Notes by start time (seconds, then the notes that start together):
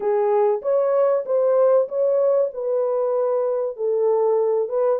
0.00 G#4
0.62 C#5
1.25 C5
1.88 C#5
2.53 B4
3.76 A4
4.68 B4